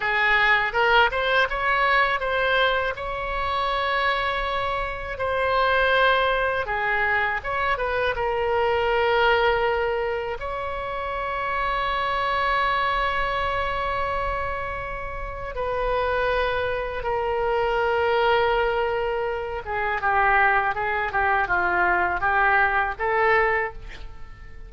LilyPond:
\new Staff \with { instrumentName = "oboe" } { \time 4/4 \tempo 4 = 81 gis'4 ais'8 c''8 cis''4 c''4 | cis''2. c''4~ | c''4 gis'4 cis''8 b'8 ais'4~ | ais'2 cis''2~ |
cis''1~ | cis''4 b'2 ais'4~ | ais'2~ ais'8 gis'8 g'4 | gis'8 g'8 f'4 g'4 a'4 | }